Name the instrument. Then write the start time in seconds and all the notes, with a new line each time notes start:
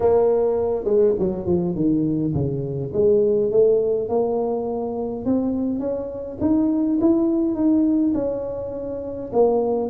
tuba
0.00 A#3
0.84 G#3
1.19 F#3
1.46 F3
1.75 D#3
2.34 C#3
2.93 G#3
3.51 A3
4.09 A#3
5.25 C4
5.79 C#4
6.41 D#4
7.00 E4
7.54 D#4
8.14 C#4
9.32 A#3